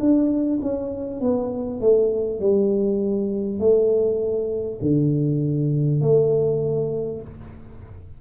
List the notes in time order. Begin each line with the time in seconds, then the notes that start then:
0.00 D4
0.62 C#4
1.21 B3
1.81 A3
2.39 G3
3.59 A3
4.81 D3
6.01 A3